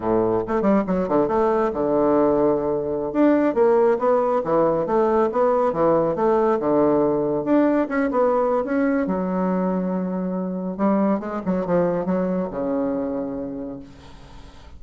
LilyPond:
\new Staff \with { instrumentName = "bassoon" } { \time 4/4 \tempo 4 = 139 a,4 a8 g8 fis8 d8 a4 | d2.~ d16 d'8.~ | d'16 ais4 b4 e4 a8.~ | a16 b4 e4 a4 d8.~ |
d4~ d16 d'4 cis'8 b4~ b16 | cis'4 fis2.~ | fis4 g4 gis8 fis8 f4 | fis4 cis2. | }